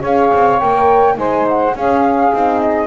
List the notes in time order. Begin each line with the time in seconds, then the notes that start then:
0.00 C#4 G#4 C#5 F5
0.33 C4
0.59 A#3 A#4 G5
1.14 G#3 D#4 C5 G#5
1.48 F#5
1.75 C#4 G#4 F5
2.33 C4 D#4
2.61 D#5